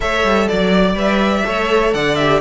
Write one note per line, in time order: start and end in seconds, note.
0.00 0.23 A3
0.00 0.94 A4
0.00 0.49 C#5
0.00 0.48 E5
0.23 0.48 G3
0.48 0.94 F#3
0.48 0.96 D5
0.48 1.46 D5
0.94 1.43 G3
0.94 1.43 B4
0.94 1.93 E5
1.44 1.94 A3
1.44 2.17 A4
1.44 1.93 C#5
1.93 2.41 D3
1.93 2.41 D5
1.93 2.15 F#5
2.15 2.41 G4
2.15 2.39 E5